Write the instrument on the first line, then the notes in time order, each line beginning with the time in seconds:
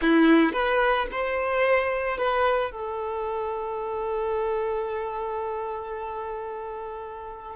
violin
0.01 E4
0.52 B4
1.11 C5
2.17 B4
2.71 A4